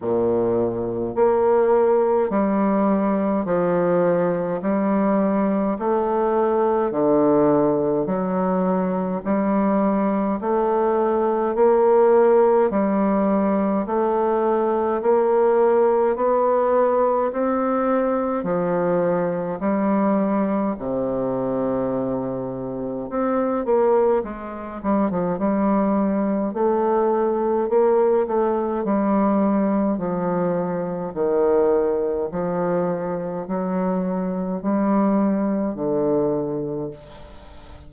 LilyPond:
\new Staff \with { instrumentName = "bassoon" } { \time 4/4 \tempo 4 = 52 ais,4 ais4 g4 f4 | g4 a4 d4 fis4 | g4 a4 ais4 g4 | a4 ais4 b4 c'4 |
f4 g4 c2 | c'8 ais8 gis8 g16 f16 g4 a4 | ais8 a8 g4 f4 dis4 | f4 fis4 g4 d4 | }